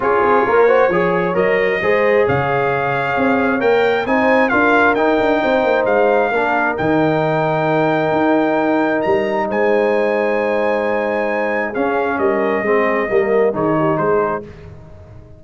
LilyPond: <<
  \new Staff \with { instrumentName = "trumpet" } { \time 4/4 \tempo 4 = 133 cis''2. dis''4~ | dis''4 f''2. | g''4 gis''4 f''4 g''4~ | g''4 f''2 g''4~ |
g''1 | ais''4 gis''2.~ | gis''2 f''4 dis''4~ | dis''2 cis''4 c''4 | }
  \new Staff \with { instrumentName = "horn" } { \time 4/4 gis'4 ais'8 c''8 cis''2 | c''4 cis''2.~ | cis''4 c''4 ais'2 | c''2 ais'2~ |
ais'1~ | ais'4 c''2.~ | c''2 gis'4 ais'4 | gis'4 ais'4 gis'8 g'8 gis'4 | }
  \new Staff \with { instrumentName = "trombone" } { \time 4/4 f'4. fis'8 gis'4 ais'4 | gis'1 | ais'4 dis'4 f'4 dis'4~ | dis'2 d'4 dis'4~ |
dis'1~ | dis'1~ | dis'2 cis'2 | c'4 ais4 dis'2 | }
  \new Staff \with { instrumentName = "tuba" } { \time 4/4 cis'8 c'8 ais4 f4 fis4 | gis4 cis2 c'4 | ais4 c'4 d'4 dis'8 d'8 | c'8 ais8 gis4 ais4 dis4~ |
dis2 dis'2 | g4 gis2.~ | gis2 cis'4 g4 | gis4 g4 dis4 gis4 | }
>>